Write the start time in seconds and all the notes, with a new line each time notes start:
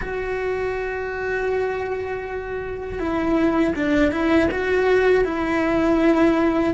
0.01 F#4
2.99 E4
3.75 D4
4.11 E4
4.51 F#4
5.24 E4